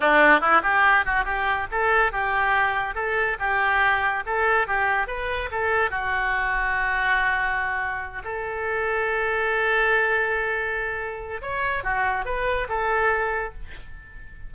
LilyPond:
\new Staff \with { instrumentName = "oboe" } { \time 4/4 \tempo 4 = 142 d'4 e'8 g'4 fis'8 g'4 | a'4 g'2 a'4 | g'2 a'4 g'4 | b'4 a'4 fis'2~ |
fis'2.~ fis'8 a'8~ | a'1~ | a'2. cis''4 | fis'4 b'4 a'2 | }